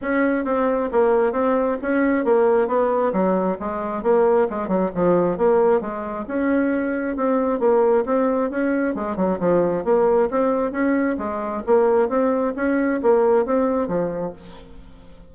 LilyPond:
\new Staff \with { instrumentName = "bassoon" } { \time 4/4 \tempo 4 = 134 cis'4 c'4 ais4 c'4 | cis'4 ais4 b4 fis4 | gis4 ais4 gis8 fis8 f4 | ais4 gis4 cis'2 |
c'4 ais4 c'4 cis'4 | gis8 fis8 f4 ais4 c'4 | cis'4 gis4 ais4 c'4 | cis'4 ais4 c'4 f4 | }